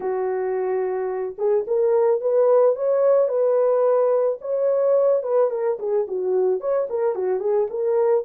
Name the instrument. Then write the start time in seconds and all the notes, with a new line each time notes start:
horn
0.00 F#4
1.38 G#4
1.67 A#4
2.20 B4
2.75 C#5
3.28 B4
4.41 C#5
5.23 B4
5.50 A#4
5.79 G#4
6.07 F#4
6.60 C#5
6.89 A#4
7.15 F#4
7.40 G#4
7.69 A#4